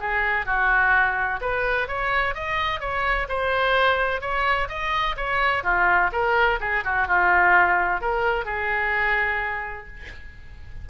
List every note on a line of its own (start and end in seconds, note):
0.00 0.46 G#4
0.46 1.41 F#4
1.42 1.88 B4
1.88 2.35 C#5
2.35 2.81 D#5
2.81 3.28 C#5
3.29 4.21 C5
4.21 4.69 C#5
4.69 5.16 D#5
5.17 5.64 C#5
5.64 6.11 F4
6.13 6.60 A#4
6.61 6.84 G#4
6.85 7.08 F#4
7.08 8.01 F4
8.01 8.45 A#4
8.45 9.87 G#4